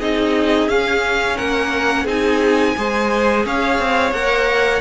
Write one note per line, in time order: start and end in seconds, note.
0.00 0.69 C4
0.00 0.70 D#4
0.00 1.36 G#4
0.00 0.69 D#5
0.69 1.37 C#4
0.69 2.08 C#4
0.69 1.38 F5
1.36 2.06 A#3
1.36 2.04 A#4
1.36 2.07 F#5
2.04 2.75 C4
2.04 2.77 D#4
2.04 2.73 G#4
2.04 3.46 G#5
2.77 3.46 G#3
2.77 4.14 G#4
2.77 3.46 C5
3.46 3.79 C#4
3.46 4.82 C#5
3.46 4.13 F5
3.79 4.12 C4
4.12 4.81 A#3
4.12 4.82 A#4
4.12 4.82 F#5